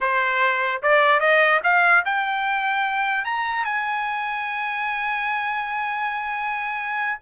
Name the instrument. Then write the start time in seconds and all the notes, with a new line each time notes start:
trumpet
0.00 C5
0.82 D5
1.20 D#5
1.63 F5
2.05 G5
3.25 A#5
3.64 G#5